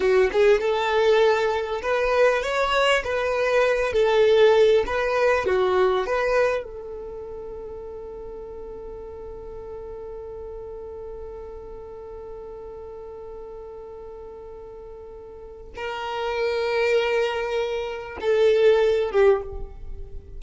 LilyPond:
\new Staff \with { instrumentName = "violin" } { \time 4/4 \tempo 4 = 99 fis'8 gis'8 a'2 b'4 | cis''4 b'4. a'4. | b'4 fis'4 b'4 a'4~ | a'1~ |
a'1~ | a'1~ | a'2 ais'2~ | ais'2 a'4. g'8 | }